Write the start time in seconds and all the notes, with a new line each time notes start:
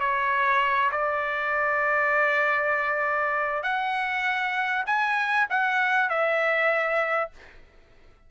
0.00 C#5
0.91 D5
3.63 F#5
4.87 G#5
5.50 F#5
6.09 E5